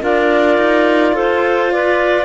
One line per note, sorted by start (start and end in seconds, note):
0.00 0.58 D4
0.00 2.25 F4
0.00 1.15 A#4
0.00 1.17 D5
0.58 1.13 D#4
1.13 2.25 F4
1.13 1.72 A4
1.13 1.72 C5
1.72 2.25 B4
1.72 2.25 D5